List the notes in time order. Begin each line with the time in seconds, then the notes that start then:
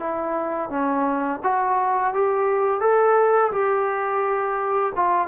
0.00 E4
0.70 C#4
1.43 F#4
2.14 G4
2.81 A4
3.52 G4
4.96 F4